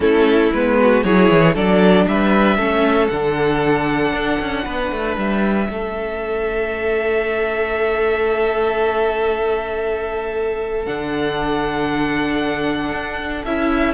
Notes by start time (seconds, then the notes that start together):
0.00 A3 C#4 E4 A4
0.52 G#3 B3 B4
0.80 F#4
1.03 F#3 E4 G#4 C#5
1.30 E3
1.54 F#3 D4 A4 D5
2.07 G3 B4 E5
2.56 A3 C#4 A4
3.07 D3 D4 F#5
4.12 D4
4.39 C#4
4.63 B3 B4
4.91 A3
5.16 G3 E5
5.69 A3 C#4 A4
10.85 D3 D4 F#5
12.91 D4
13.45 C#4 E4 E5